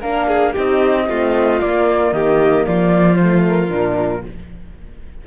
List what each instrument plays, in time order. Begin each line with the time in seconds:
0.00 cello A#3, horn D4, violin A#4, flute F5
0.27 violin G#4
0.53 cello C4, horn D#4, violin G4, flute D#5
1.08 cello A3, horn C4, violin F4
1.61 horn A#3, cello A#3, flute D5
2.12 cello D#3, violin G4, flute D#5
2.66 cello F3, violin F4, flute D5
3.15 flute C5
3.21 horn A3
3.47 flute A#4
3.68 cello A#2, horn D4